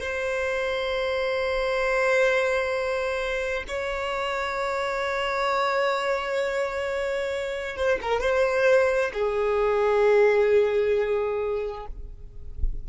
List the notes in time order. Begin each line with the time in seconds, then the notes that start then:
0.00 C5
3.67 C#5
7.76 C5
8.02 A#4
8.21 C5
9.13 G#4